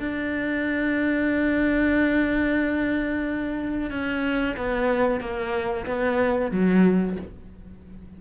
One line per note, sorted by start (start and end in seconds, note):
0.00 3.91 D4
3.91 4.56 C#4
4.57 5.21 B3
5.21 5.86 A#3
5.86 6.51 B3
6.51 7.17 F#3